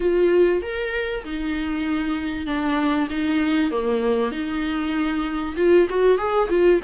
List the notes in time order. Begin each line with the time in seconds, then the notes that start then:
0.00 F4
0.62 A#4
1.24 D#4
2.46 D4
3.10 D#4
3.71 A#3
4.31 D#4
5.56 F4
5.89 F#4
6.18 G#4
6.49 F4